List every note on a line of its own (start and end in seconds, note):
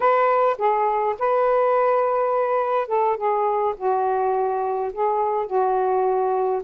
0.00 0.56 B4
0.58 1.15 G#4
1.18 2.87 B4
2.87 3.16 A4
3.16 3.74 G#4
3.77 4.92 F#4
4.92 5.46 G#4
5.46 6.61 F#4